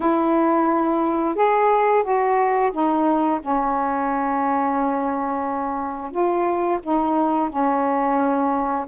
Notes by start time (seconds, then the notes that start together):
0.00 E4
1.35 G#4
2.03 F#4
2.71 D#4
3.41 C#4
6.11 F4
6.82 D#4
7.49 C#4